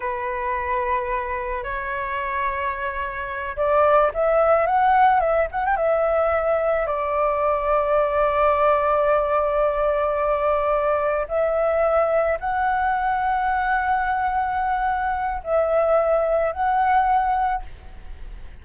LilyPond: \new Staff \with { instrumentName = "flute" } { \time 4/4 \tempo 4 = 109 b'2. cis''4~ | cis''2~ cis''8 d''4 e''8~ | e''8 fis''4 e''8 fis''16 g''16 e''4.~ | e''8 d''2.~ d''8~ |
d''1~ | d''8 e''2 fis''4.~ | fis''1 | e''2 fis''2 | }